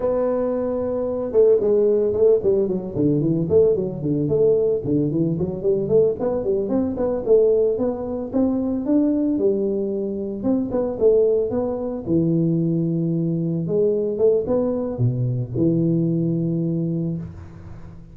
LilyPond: \new Staff \with { instrumentName = "tuba" } { \time 4/4 \tempo 4 = 112 b2~ b8 a8 gis4 | a8 g8 fis8 d8 e8 a8 fis8 d8 | a4 d8 e8 fis8 g8 a8 b8 | g8 c'8 b8 a4 b4 c'8~ |
c'8 d'4 g2 c'8 | b8 a4 b4 e4.~ | e4. gis4 a8 b4 | b,4 e2. | }